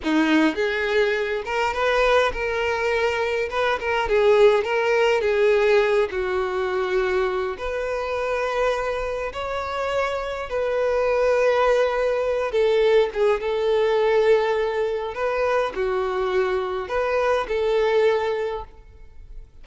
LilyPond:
\new Staff \with { instrumentName = "violin" } { \time 4/4 \tempo 4 = 103 dis'4 gis'4. ais'8 b'4 | ais'2 b'8 ais'8 gis'4 | ais'4 gis'4. fis'4.~ | fis'4 b'2. |
cis''2 b'2~ | b'4. a'4 gis'8 a'4~ | a'2 b'4 fis'4~ | fis'4 b'4 a'2 | }